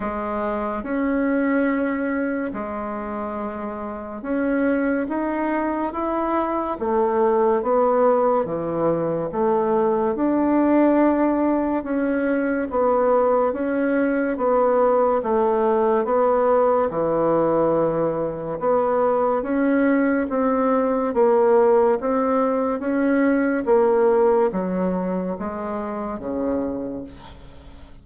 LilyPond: \new Staff \with { instrumentName = "bassoon" } { \time 4/4 \tempo 4 = 71 gis4 cis'2 gis4~ | gis4 cis'4 dis'4 e'4 | a4 b4 e4 a4 | d'2 cis'4 b4 |
cis'4 b4 a4 b4 | e2 b4 cis'4 | c'4 ais4 c'4 cis'4 | ais4 fis4 gis4 cis4 | }